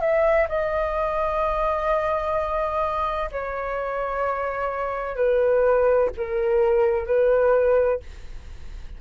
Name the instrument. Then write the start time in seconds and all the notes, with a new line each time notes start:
flute
0.00 E5
0.49 D#5
3.32 C#5
5.16 B4
6.17 A#4
7.06 B4